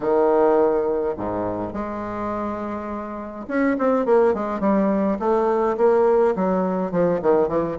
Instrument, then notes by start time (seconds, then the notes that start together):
bassoon
0.00 D#3
1.17 G#2
1.73 G#3
3.47 C#4
3.78 C4
4.05 A#3
4.34 G#3
4.60 G3
5.19 A3
5.77 A#3
6.35 F#3
6.91 F3
7.22 D#3
7.48 E3